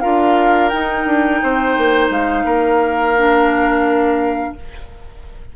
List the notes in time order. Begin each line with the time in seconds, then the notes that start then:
0.00 D4 F4 A#4 F5
0.69 D#4 G5
1.06 D4
1.43 C4 C5
1.77 A#3
2.10 G#3 F5
2.45 A#3 A#4
3.16 D4